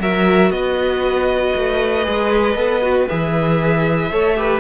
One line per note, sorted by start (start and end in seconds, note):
0.00 0.51 F#3
0.00 2.03 F#4
0.00 0.53 A#4
0.00 0.52 E5
0.51 1.53 B3
0.51 4.12 B4
0.51 3.08 D#5
1.56 2.08 A3
2.03 2.56 G#3
2.03 2.54 G#4
2.56 3.07 B3
2.56 2.82 A4
2.82 3.08 F#4
3.09 4.12 E3
3.09 4.12 G#4
3.09 4.60 E5
4.12 4.60 A3
4.12 4.37 A4
4.12 4.37 C#5
4.37 4.60 G4
4.37 4.60 B4